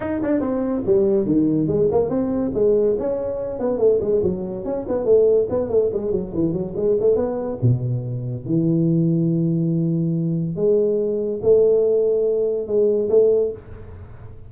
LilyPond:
\new Staff \with { instrumentName = "tuba" } { \time 4/4 \tempo 4 = 142 dis'8 d'8 c'4 g4 dis4 | gis8 ais8 c'4 gis4 cis'4~ | cis'8 b8 a8 gis8 fis4 cis'8 b8 | a4 b8 a8 gis8 fis8 e8 fis8 |
gis8 a8 b4 b,2 | e1~ | e4 gis2 a4~ | a2 gis4 a4 | }